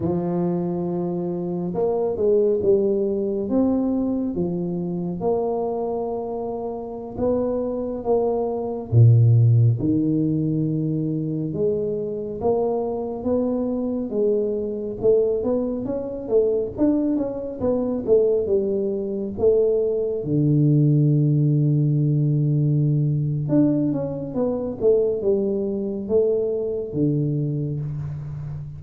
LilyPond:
\new Staff \with { instrumentName = "tuba" } { \time 4/4 \tempo 4 = 69 f2 ais8 gis8 g4 | c'4 f4 ais2~ | ais16 b4 ais4 ais,4 dis8.~ | dis4~ dis16 gis4 ais4 b8.~ |
b16 gis4 a8 b8 cis'8 a8 d'8 cis'16~ | cis'16 b8 a8 g4 a4 d8.~ | d2. d'8 cis'8 | b8 a8 g4 a4 d4 | }